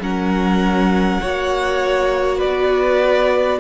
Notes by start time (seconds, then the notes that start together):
0.00 F#3 C#4 A#4 F#5
1.21 A#3 F#4 C#5
2.38 B3 B4 D5